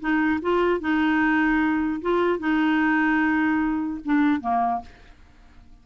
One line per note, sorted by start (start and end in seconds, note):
0.00 0.40 D#4
0.42 0.81 F4
0.81 2.02 D#4
2.02 2.39 F4
2.39 4.00 D#4
4.05 4.41 D4
4.41 4.81 A#3